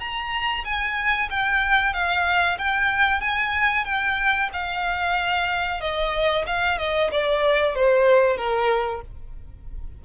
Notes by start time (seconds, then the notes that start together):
0.00 A#5
0.65 G#5
1.31 G5
1.94 F5
2.59 G5
3.21 G#5
3.85 G5
4.53 F5
5.81 D#5
6.47 F5
6.79 D#5
7.12 D5
7.75 C5
8.38 A#4